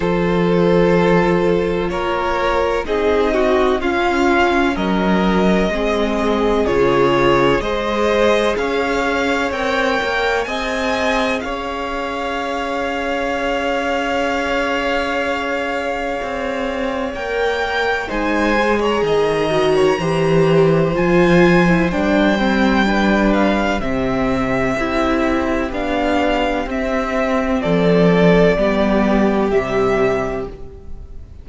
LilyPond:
<<
  \new Staff \with { instrumentName = "violin" } { \time 4/4 \tempo 4 = 63 c''2 cis''4 dis''4 | f''4 dis''2 cis''4 | dis''4 f''4 g''4 gis''4 | f''1~ |
f''2 g''4 gis''8. ais''16~ | ais''2 gis''4 g''4~ | g''8 f''8 e''2 f''4 | e''4 d''2 e''4 | }
  \new Staff \with { instrumentName = "violin" } { \time 4/4 a'2 ais'4 gis'8 fis'8 | f'4 ais'4 gis'2 | c''4 cis''2 dis''4 | cis''1~ |
cis''2. c''8. cis''16 | dis''8. cis''16 c''2. | b'4 g'2.~ | g'4 a'4 g'2 | }
  \new Staff \with { instrumentName = "viola" } { \time 4/4 f'2. dis'4 | cis'2 c'4 f'4 | gis'2 ais'4 gis'4~ | gis'1~ |
gis'2 ais'4 dis'8 gis'8~ | gis'8 fis'8 g'4 f'8. e'16 d'8 c'8 | d'4 c'4 e'4 d'4 | c'2 b4 g4 | }
  \new Staff \with { instrumentName = "cello" } { \time 4/4 f2 ais4 c'4 | cis'4 fis4 gis4 cis4 | gis4 cis'4 c'8 ais8 c'4 | cis'1~ |
cis'4 c'4 ais4 gis4 | dis4 e4 f4 g4~ | g4 c4 c'4 b4 | c'4 f4 g4 c4 | }
>>